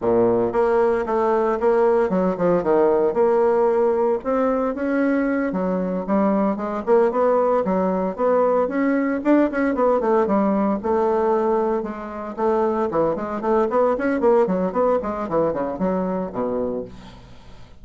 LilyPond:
\new Staff \with { instrumentName = "bassoon" } { \time 4/4 \tempo 4 = 114 ais,4 ais4 a4 ais4 | fis8 f8 dis4 ais2 | c'4 cis'4. fis4 g8~ | g8 gis8 ais8 b4 fis4 b8~ |
b8 cis'4 d'8 cis'8 b8 a8 g8~ | g8 a2 gis4 a8~ | a8 e8 gis8 a8 b8 cis'8 ais8 fis8 | b8 gis8 e8 cis8 fis4 b,4 | }